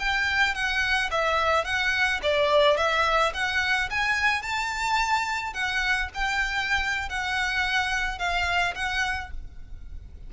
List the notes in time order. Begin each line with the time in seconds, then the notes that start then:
0.00 G5
0.55 F#5
1.11 E5
1.65 F#5
2.23 D5
2.77 E5
3.34 F#5
3.91 G#5
4.43 A5
5.54 F#5
6.14 G5
7.09 F#5
8.19 F5
8.76 F#5